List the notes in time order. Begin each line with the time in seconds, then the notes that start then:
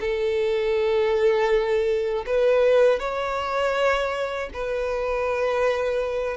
0.00 A4
2.26 B4
2.99 C#5
4.53 B4